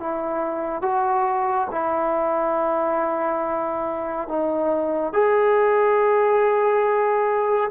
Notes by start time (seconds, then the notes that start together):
0.00 E4
0.82 F#4
1.71 E4
4.28 D#4
5.14 G#4